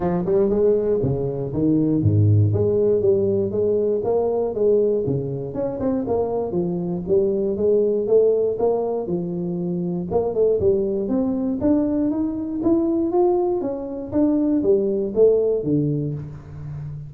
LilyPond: \new Staff \with { instrumentName = "tuba" } { \time 4/4 \tempo 4 = 119 f8 g8 gis4 cis4 dis4 | gis,4 gis4 g4 gis4 | ais4 gis4 cis4 cis'8 c'8 | ais4 f4 g4 gis4 |
a4 ais4 f2 | ais8 a8 g4 c'4 d'4 | dis'4 e'4 f'4 cis'4 | d'4 g4 a4 d4 | }